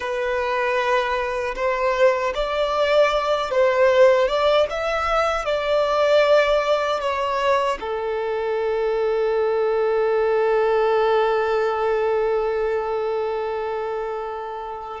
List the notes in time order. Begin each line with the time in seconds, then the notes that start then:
0.00 B4
1.55 C5
2.34 D5
3.50 C5
4.28 D5
4.70 E5
5.45 D5
7.00 C#5
7.80 A4